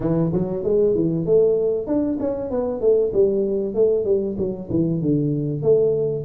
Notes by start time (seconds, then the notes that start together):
0.00 E3
0.32 F#3
0.63 G#3
0.94 E3
1.25 A3
1.86 D4
2.20 C#4
2.50 B3
2.80 A3
3.12 G3
3.74 A3
4.05 G3
4.38 F#3
4.70 E3
5.01 D3
5.62 A3